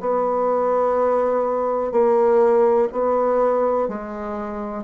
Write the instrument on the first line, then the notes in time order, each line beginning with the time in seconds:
bassoon
0.00 B3
1.91 A#3
2.92 B3
3.88 G#3